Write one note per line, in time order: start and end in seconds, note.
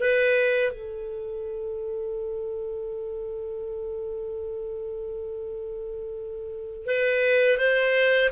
0.00 0.72 B4
0.72 6.86 A4
6.86 7.57 B4
7.57 8.30 C5